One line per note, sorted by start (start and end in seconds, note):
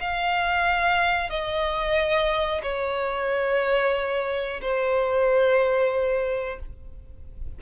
0.00 1.29 F5
1.29 2.61 D#5
2.63 4.60 C#5
4.61 6.59 C5